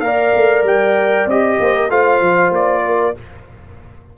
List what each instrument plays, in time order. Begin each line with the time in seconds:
0.00 tuba A#3, trombone A#4, horn D5, trumpet F5
0.35 tuba A3
0.63 tuba G3, trumpet G5
1.26 tuba C4, trombone G4, trumpet D#5
1.59 tuba A#3, horn C5
1.75 horn A#4
1.89 tuba A3, trombone F4, horn C5, trumpet F5
2.20 tuba F3
2.50 tuba A#3, trumpet D5
2.86 horn A#4